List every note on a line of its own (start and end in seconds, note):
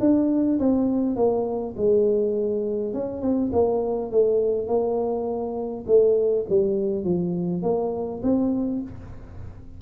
0.00 0.59 D4
0.59 1.16 C4
1.16 1.75 A#3
1.77 2.94 G#3
2.94 3.21 C#4
3.21 3.51 C4
3.52 4.11 A#3
4.11 4.67 A3
4.67 5.85 A#3
5.87 6.45 A3
6.49 7.04 G3
7.04 7.62 F3
7.62 8.21 A#3
8.23 8.82 C4